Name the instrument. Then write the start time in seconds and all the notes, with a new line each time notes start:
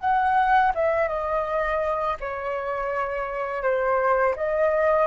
flute
0.00 F#5
0.75 E5
1.08 D#5
2.20 C#5
3.62 C5
4.36 D#5